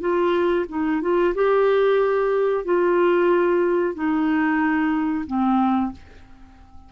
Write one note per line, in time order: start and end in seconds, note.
0.00 0.65 F4
0.68 1.01 D#4
1.01 1.34 F4
1.35 2.64 G4
2.64 3.95 F4
3.95 5.25 D#4
5.26 5.92 C4